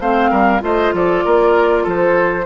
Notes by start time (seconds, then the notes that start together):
0.00 A3 C4 C5 F5
0.31 G3 A#4
0.60 A3 F4 C5 D#5
0.93 F3 A4 D5
1.25 A#3 A#4
1.83 F3 A4 C5